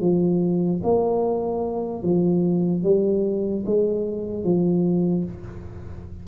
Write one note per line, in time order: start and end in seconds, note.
0.00 0.81 F3
0.83 2.02 A#3
2.02 2.83 F3
2.83 3.64 G3
3.66 4.43 G#3
4.43 5.24 F3